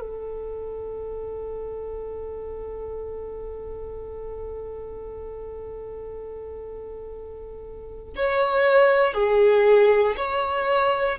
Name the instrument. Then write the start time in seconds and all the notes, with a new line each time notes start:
violin
0.00 A4
8.16 C#5
9.14 G#4
10.17 C#5